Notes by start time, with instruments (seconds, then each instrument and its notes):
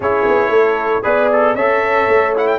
0.00 tuba C#4, trombone E4, horn G#4, trumpet C#5
0.28 tuba B3
0.49 tuba A3, horn A4
1.02 tuba B3, trombone G#4, trumpet B4, horn D5
1.32 trumpet A4
1.54 tuba C#4, trombone A4, horn C#5, trumpet E5
2.08 tuba A3
2.35 trombone E4, trumpet F#5
2.47 trumpet G5